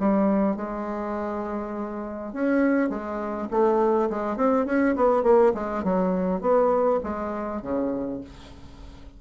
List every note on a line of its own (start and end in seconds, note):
0.00 0.57 G3
0.57 2.33 G#3
2.33 2.90 C#4
2.90 3.49 G#3
3.51 4.10 A3
4.10 4.37 G#3
4.37 4.66 C4
4.66 4.96 C#4
4.96 5.23 B3
5.23 5.53 A#3
5.55 5.84 G#3
5.84 6.41 F#3
6.41 7.00 B3
7.04 7.62 G#3
7.62 8.21 C#3